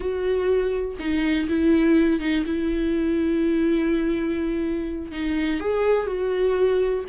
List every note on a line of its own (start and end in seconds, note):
0.00 0.96 F#4
0.99 1.48 D#4
1.48 2.20 E4
2.20 2.44 D#4
2.46 5.11 E4
5.11 5.60 D#4
5.60 6.06 G#4
6.06 7.04 F#4